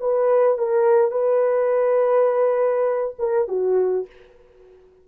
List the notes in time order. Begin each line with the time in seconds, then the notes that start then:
0.00 B4
0.58 A#4
1.11 B4
3.19 A#4
3.48 F#4